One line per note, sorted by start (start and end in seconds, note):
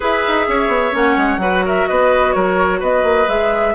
0.00 0.25 E4
0.00 0.92 G#4
0.00 0.46 B4
0.00 0.95 E5
0.27 0.48 D#4
0.48 0.67 C#4
0.48 1.41 C#5
0.67 0.91 B3
0.92 1.16 A#3
0.92 1.38 C#4
0.92 1.65 F#5
1.16 1.37 G#3
1.37 1.83 F#3
1.37 3.26 F#4
1.37 1.64 B4
1.65 1.88 A#4
1.65 1.87 E5
1.87 2.35 B3
1.87 2.34 B4
1.87 2.32 D#5
2.32 2.81 F#3
2.32 2.79 A#4
2.32 2.79 C#5
2.79 3.03 B3
2.79 3.73 B4
2.79 3.28 D#5
3.03 3.26 A#3
3.28 3.74 G#3
3.28 3.74 G#4
3.28 3.74 E5